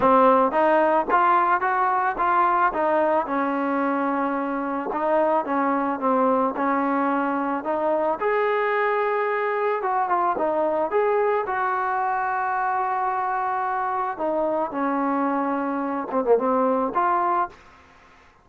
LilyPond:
\new Staff \with { instrumentName = "trombone" } { \time 4/4 \tempo 4 = 110 c'4 dis'4 f'4 fis'4 | f'4 dis'4 cis'2~ | cis'4 dis'4 cis'4 c'4 | cis'2 dis'4 gis'4~ |
gis'2 fis'8 f'8 dis'4 | gis'4 fis'2.~ | fis'2 dis'4 cis'4~ | cis'4. c'16 ais16 c'4 f'4 | }